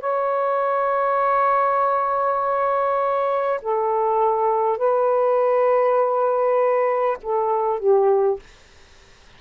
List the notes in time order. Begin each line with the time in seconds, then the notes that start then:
0.00 C#5
3.62 A4
4.78 B4
7.23 A4
7.79 G4